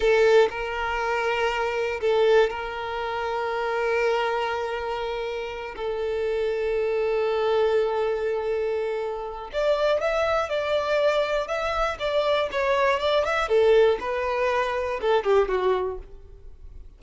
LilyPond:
\new Staff \with { instrumentName = "violin" } { \time 4/4 \tempo 4 = 120 a'4 ais'2. | a'4 ais'2.~ | ais'2.~ ais'8 a'8~ | a'1~ |
a'2. d''4 | e''4 d''2 e''4 | d''4 cis''4 d''8 e''8 a'4 | b'2 a'8 g'8 fis'4 | }